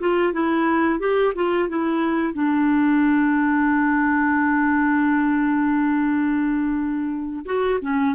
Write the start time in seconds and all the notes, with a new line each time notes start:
0.00 F4
0.33 E4
1.00 G4
1.35 F4
1.69 E4
2.34 D4
7.46 F#4
7.82 C#4